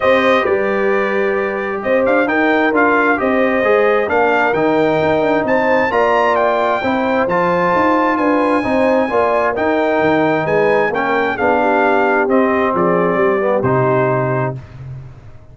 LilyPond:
<<
  \new Staff \with { instrumentName = "trumpet" } { \time 4/4 \tempo 4 = 132 dis''4 d''2. | dis''8 f''8 g''4 f''4 dis''4~ | dis''4 f''4 g''2 | a''4 ais''4 g''2 |
a''2 gis''2~ | gis''4 g''2 gis''4 | g''4 f''2 dis''4 | d''2 c''2 | }
  \new Staff \with { instrumentName = "horn" } { \time 4/4 c''4 b'2. | c''4 ais'2 c''4~ | c''4 ais'2. | c''4 d''2 c''4~ |
c''2 b'4 c''4 | d''4 ais'2 b'4 | ais'4 gis'8 g'2~ g'8 | gis'4 g'2. | }
  \new Staff \with { instrumentName = "trombone" } { \time 4/4 g'1~ | g'4 dis'4 f'4 g'4 | gis'4 d'4 dis'2~ | dis'4 f'2 e'4 |
f'2. dis'4 | f'4 dis'2. | cis'4 d'2 c'4~ | c'4. b8 dis'2 | }
  \new Staff \with { instrumentName = "tuba" } { \time 4/4 c'4 g2. | c'8 d'8 dis'4 d'4 c'4 | gis4 ais4 dis4 dis'8 d'8 | c'4 ais2 c'4 |
f4 dis'4 d'4 c'4 | ais4 dis'4 dis4 gis4 | ais4 b2 c'4 | f4 g4 c2 | }
>>